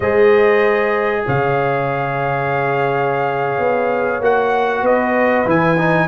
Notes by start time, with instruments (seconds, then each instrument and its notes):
0.00 tuba G#3, trombone G#4, horn C5, trumpet D#5
1.26 tuba C#3, horn C#5, trumpet F5
3.58 tuba B3
4.20 tuba A#3, trombone F#4, trumpet F#5
4.82 tuba B3, horn B4, trumpet D#5
5.45 tuba E3, trombone E4, trumpet G#5
5.77 trombone D#4